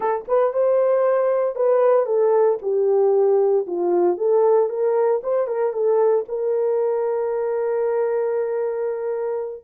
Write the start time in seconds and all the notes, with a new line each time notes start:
0.00 A4
0.28 B4
0.53 C5
1.55 B4
2.06 A4
2.61 G4
3.66 F4
4.17 A4
4.69 A#4
5.23 C5
5.47 A#4
5.72 A4
6.28 A#4